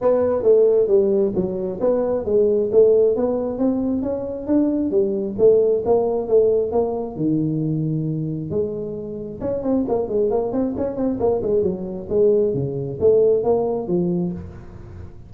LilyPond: \new Staff \with { instrumentName = "tuba" } { \time 4/4 \tempo 4 = 134 b4 a4 g4 fis4 | b4 gis4 a4 b4 | c'4 cis'4 d'4 g4 | a4 ais4 a4 ais4 |
dis2. gis4~ | gis4 cis'8 c'8 ais8 gis8 ais8 c'8 | cis'8 c'8 ais8 gis8 fis4 gis4 | cis4 a4 ais4 f4 | }